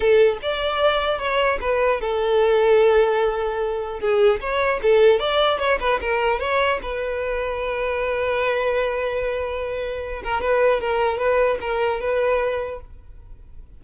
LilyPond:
\new Staff \with { instrumentName = "violin" } { \time 4/4 \tempo 4 = 150 a'4 d''2 cis''4 | b'4 a'2.~ | a'2 gis'4 cis''4 | a'4 d''4 cis''8 b'8 ais'4 |
cis''4 b'2.~ | b'1~ | b'4. ais'8 b'4 ais'4 | b'4 ais'4 b'2 | }